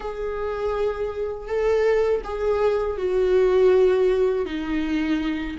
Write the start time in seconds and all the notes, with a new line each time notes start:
0.00 G#4
1.47 A4
2.24 G#4
2.97 F#4
4.45 D#4